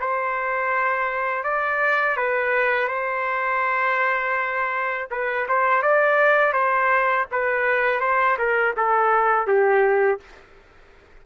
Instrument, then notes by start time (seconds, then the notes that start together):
trumpet
0.00 C5
1.44 D5
2.17 B4
2.88 C5
5.11 B4
5.48 C5
5.83 D5
6.53 C5
7.32 B4
8.01 C5
8.38 A#4
8.77 A4
9.47 G4